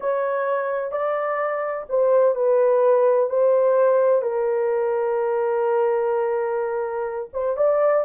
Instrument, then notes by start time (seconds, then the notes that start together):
horn
0.00 C#5
0.91 D5
1.89 C5
2.35 B4
3.29 C5
4.22 A#4
7.33 C5
7.57 D5